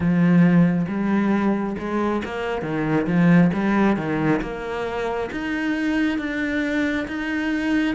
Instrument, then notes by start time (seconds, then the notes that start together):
cello
0.00 F3
0.88 G3
1.78 G#3
2.24 A#3
2.62 D#3
3.06 F3
3.53 G3
3.96 D#3
4.41 A#3
5.31 D#4
6.18 D4
7.07 D#4